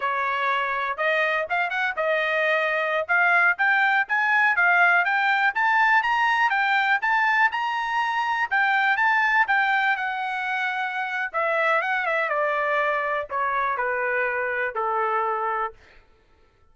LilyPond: \new Staff \with { instrumentName = "trumpet" } { \time 4/4 \tempo 4 = 122 cis''2 dis''4 f''8 fis''8 | dis''2~ dis''16 f''4 g''8.~ | g''16 gis''4 f''4 g''4 a''8.~ | a''16 ais''4 g''4 a''4 ais''8.~ |
ais''4~ ais''16 g''4 a''4 g''8.~ | g''16 fis''2~ fis''8. e''4 | fis''8 e''8 d''2 cis''4 | b'2 a'2 | }